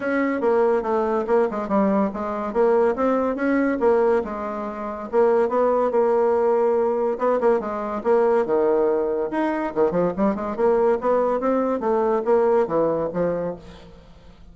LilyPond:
\new Staff \with { instrumentName = "bassoon" } { \time 4/4 \tempo 4 = 142 cis'4 ais4 a4 ais8 gis8 | g4 gis4 ais4 c'4 | cis'4 ais4 gis2 | ais4 b4 ais2~ |
ais4 b8 ais8 gis4 ais4 | dis2 dis'4 dis8 f8 | g8 gis8 ais4 b4 c'4 | a4 ais4 e4 f4 | }